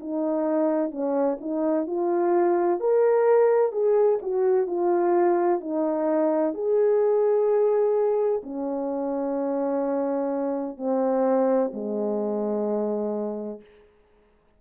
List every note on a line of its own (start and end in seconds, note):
0.00 0.91 D#4
0.91 1.38 C#4
1.41 1.87 D#4
1.87 2.80 F4
2.80 3.72 A#4
3.72 4.19 G#4
4.22 4.67 F#4
4.67 5.60 F4
5.60 6.54 D#4
6.54 8.42 G#4
8.43 10.77 C#4
10.77 11.71 C4
11.74 13.61 G#3